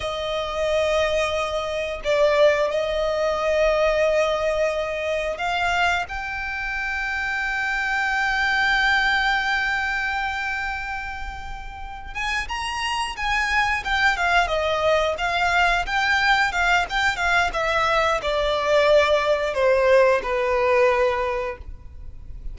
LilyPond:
\new Staff \with { instrumentName = "violin" } { \time 4/4 \tempo 4 = 89 dis''2. d''4 | dis''1 | f''4 g''2.~ | g''1~ |
g''2 gis''8 ais''4 gis''8~ | gis''8 g''8 f''8 dis''4 f''4 g''8~ | g''8 f''8 g''8 f''8 e''4 d''4~ | d''4 c''4 b'2 | }